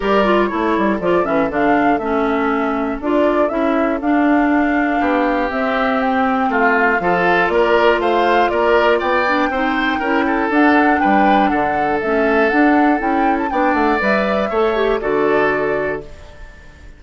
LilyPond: <<
  \new Staff \with { instrumentName = "flute" } { \time 4/4 \tempo 4 = 120 d''4 cis''4 d''8 e''8 f''4 | e''2 d''4 e''4 | f''2. e''4 | g''4 f''2 d''4 |
f''4 d''4 g''2~ | g''4 fis''4 g''4 fis''4 | e''4 fis''4 g''8. a''16 g''8 fis''8 | e''2 d''2 | }
  \new Staff \with { instrumentName = "oboe" } { \time 4/4 ais'4 a'2.~ | a'1~ | a'2 g'2~ | g'4 f'4 a'4 ais'4 |
c''4 ais'4 d''4 c''4 | ais'8 a'4. b'4 a'4~ | a'2. d''4~ | d''4 cis''4 a'2 | }
  \new Staff \with { instrumentName = "clarinet" } { \time 4/4 g'8 f'8 e'4 f'8 cis'8 d'4 | cis'2 f'4 e'4 | d'2. c'4~ | c'2 f'2~ |
f'2~ f'8 d'8 dis'4 | e'4 d'2. | cis'4 d'4 e'4 d'4 | b'4 a'8 g'8 fis'2 | }
  \new Staff \with { instrumentName = "bassoon" } { \time 4/4 g4 a8 g8 f8 e8 d4 | a2 d'4 cis'4 | d'2 b4 c'4~ | c'4 a4 f4 ais4 |
a4 ais4 b4 c'4 | cis'4 d'4 g4 d4 | a4 d'4 cis'4 b8 a8 | g4 a4 d2 | }
>>